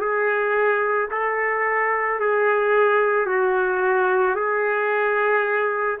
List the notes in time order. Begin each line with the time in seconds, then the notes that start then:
0.00 G#4
1.11 A4
2.19 G#4
3.26 F#4
4.35 G#4